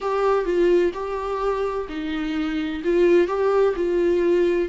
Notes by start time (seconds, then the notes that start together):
0.00 G4
0.45 F4
0.93 G4
1.88 D#4
2.84 F4
3.27 G4
3.76 F4